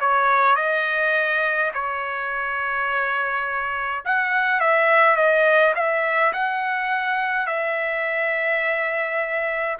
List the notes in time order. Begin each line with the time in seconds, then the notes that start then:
0.00 C#5
0.56 D#5
1.74 C#5
4.05 F#5
4.60 E5
5.16 D#5
5.75 E5
6.33 F#5
7.46 E5